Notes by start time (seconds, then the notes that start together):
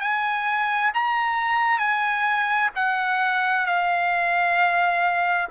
0.00 G#5
0.94 A#5
1.78 G#5
2.75 F#5
3.66 F5